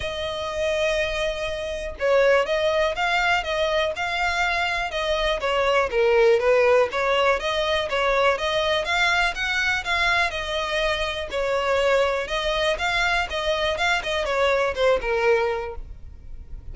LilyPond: \new Staff \with { instrumentName = "violin" } { \time 4/4 \tempo 4 = 122 dis''1 | cis''4 dis''4 f''4 dis''4 | f''2 dis''4 cis''4 | ais'4 b'4 cis''4 dis''4 |
cis''4 dis''4 f''4 fis''4 | f''4 dis''2 cis''4~ | cis''4 dis''4 f''4 dis''4 | f''8 dis''8 cis''4 c''8 ais'4. | }